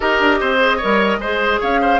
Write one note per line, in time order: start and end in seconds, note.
0.00 0.19 D#4
0.00 0.58 G4
0.00 0.39 A#4
0.00 1.59 D#5
0.19 0.39 D4
0.40 0.81 C4
0.40 0.77 C5
0.59 0.79 G#4
0.77 1.21 A#4
0.77 1.17 C#5
0.83 1.18 G3
1.18 1.58 G#3
1.18 2.00 G#4
1.18 1.60 C5
1.60 2.00 C#4
1.60 1.80 C#5
1.60 2.00 F5
1.81 2.00 C5